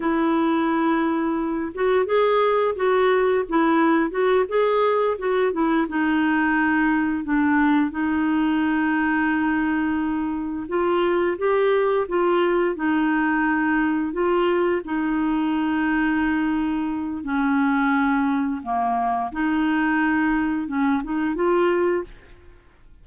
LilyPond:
\new Staff \with { instrumentName = "clarinet" } { \time 4/4 \tempo 4 = 87 e'2~ e'8 fis'8 gis'4 | fis'4 e'4 fis'8 gis'4 fis'8 | e'8 dis'2 d'4 dis'8~ | dis'2.~ dis'8 f'8~ |
f'8 g'4 f'4 dis'4.~ | dis'8 f'4 dis'2~ dis'8~ | dis'4 cis'2 ais4 | dis'2 cis'8 dis'8 f'4 | }